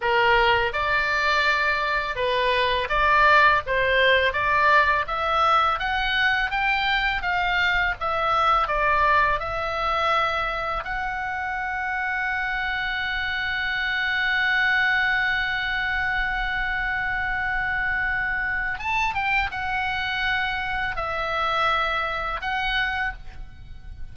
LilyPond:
\new Staff \with { instrumentName = "oboe" } { \time 4/4 \tempo 4 = 83 ais'4 d''2 b'4 | d''4 c''4 d''4 e''4 | fis''4 g''4 f''4 e''4 | d''4 e''2 fis''4~ |
fis''1~ | fis''1~ | fis''2 a''8 g''8 fis''4~ | fis''4 e''2 fis''4 | }